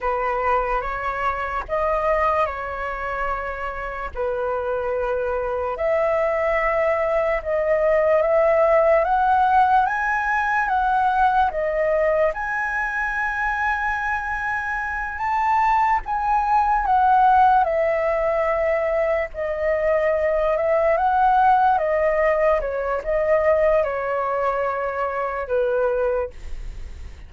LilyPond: \new Staff \with { instrumentName = "flute" } { \time 4/4 \tempo 4 = 73 b'4 cis''4 dis''4 cis''4~ | cis''4 b'2 e''4~ | e''4 dis''4 e''4 fis''4 | gis''4 fis''4 dis''4 gis''4~ |
gis''2~ gis''8 a''4 gis''8~ | gis''8 fis''4 e''2 dis''8~ | dis''4 e''8 fis''4 dis''4 cis''8 | dis''4 cis''2 b'4 | }